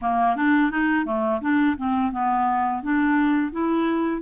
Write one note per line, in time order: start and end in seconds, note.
0.01 0.36 A#3
0.36 0.71 D4
0.71 1.05 D#4
1.05 1.41 A3
1.41 1.76 D4
1.77 2.12 C4
2.12 2.82 B3
2.82 3.52 D4
3.52 4.22 E4